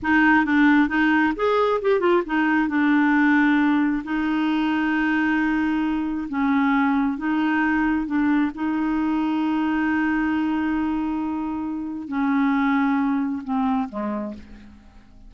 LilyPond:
\new Staff \with { instrumentName = "clarinet" } { \time 4/4 \tempo 4 = 134 dis'4 d'4 dis'4 gis'4 | g'8 f'8 dis'4 d'2~ | d'4 dis'2.~ | dis'2 cis'2 |
dis'2 d'4 dis'4~ | dis'1~ | dis'2. cis'4~ | cis'2 c'4 gis4 | }